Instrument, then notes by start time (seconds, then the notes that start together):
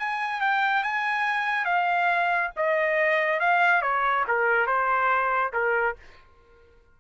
trumpet
0.00 G#5
0.41 G5
0.84 G#5
1.66 F5
2.57 D#5
3.40 F5
3.82 C#5
4.28 A#4
4.67 C5
5.53 A#4